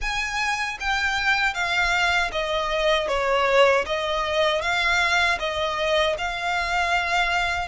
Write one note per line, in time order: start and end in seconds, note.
0.01 0.78 G#5
0.79 1.53 G5
1.53 2.30 F5
2.32 3.08 D#5
3.08 3.85 C#5
3.85 4.61 D#5
4.61 5.38 F5
5.39 6.16 D#5
6.17 7.67 F5